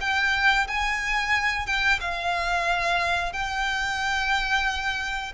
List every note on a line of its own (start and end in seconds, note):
0.00 0.67 G5
0.67 1.66 G#5
1.66 1.99 G5
2.00 3.32 F5
3.32 5.32 G5